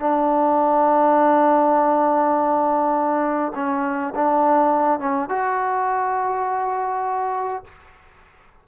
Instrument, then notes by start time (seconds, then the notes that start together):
trombone
0.00 D4
3.55 C#4
4.15 D4
5.00 C#4
5.29 F#4